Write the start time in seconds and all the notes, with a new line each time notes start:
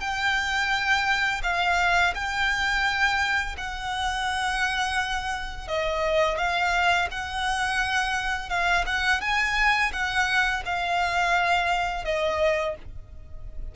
0.00 G5
1.43 F5
2.14 G5
3.57 F#5
5.67 D#5
6.37 F5
7.10 F#5
8.49 F5
8.86 F#5
9.21 G#5
9.92 F#5
10.65 F5
12.04 D#5